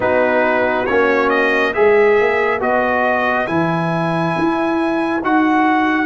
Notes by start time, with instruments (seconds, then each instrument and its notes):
0.00 tuba B3, trombone D#4, horn F#4, trumpet B4
0.86 tuba A#3, trombone C#4, trumpet C#5
1.29 trumpet D#5
1.73 tuba G#3, trombone G#4, horn B4, trumpet E5
2.20 tuba A#3
2.60 tuba B3, trombone F#4, trumpet D#5
3.47 tuba E3, trombone E4, trumpet G#5
4.37 tuba E4
5.22 tuba D#4, trombone F#4, trumpet F#5